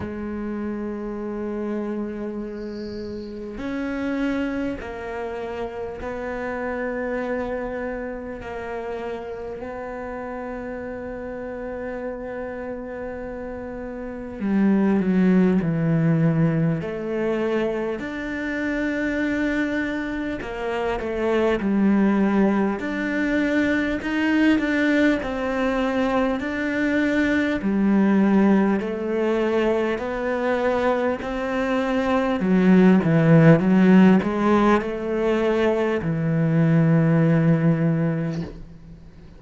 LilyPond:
\new Staff \with { instrumentName = "cello" } { \time 4/4 \tempo 4 = 50 gis2. cis'4 | ais4 b2 ais4 | b1 | g8 fis8 e4 a4 d'4~ |
d'4 ais8 a8 g4 d'4 | dis'8 d'8 c'4 d'4 g4 | a4 b4 c'4 fis8 e8 | fis8 gis8 a4 e2 | }